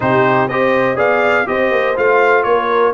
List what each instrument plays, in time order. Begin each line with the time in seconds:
0.00 tuba C3, trombone D#4, horn G4, trumpet C5
0.48 tuba C4, trombone G4, horn C5, trumpet D#5
0.95 tuba B3, trombone G#4, horn D5, trumpet F5
1.45 tuba C4, trombone G4, horn C5, trumpet D#5
1.71 tuba A#3
1.96 tuba A3, trombone F4, trumpet F5
2.43 tuba A#3, horn A#4, trumpet C#5